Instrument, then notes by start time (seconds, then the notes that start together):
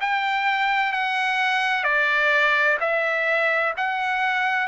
trumpet
0.00 G5
0.92 F#5
1.84 D5
2.80 E5
3.77 F#5